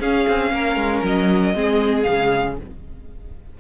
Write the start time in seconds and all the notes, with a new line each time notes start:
0.00 C#4 G#4 F5
0.29 C4
0.52 A#3 A#4
0.76 G#3
1.04 F#3 D#5
1.55 G#3 C4 G#4
2.03 C#3 G#3 F5